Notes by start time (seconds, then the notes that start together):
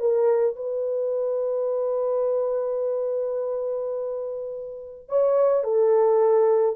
0.00 A#4
0.56 B4
5.09 C#5
5.64 A4